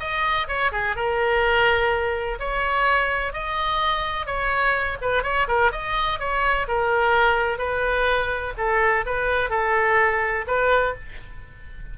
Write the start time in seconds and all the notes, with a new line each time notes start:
0.00 D#5
0.48 C#5
0.72 G#4
0.96 A#4
2.40 C#5
3.33 D#5
4.26 C#5
5.01 B4
5.23 C#5
5.48 A#4
5.72 D#5
6.19 C#5
6.68 A#4
7.58 B4
8.57 A4
9.06 B4
9.50 A4
10.47 B4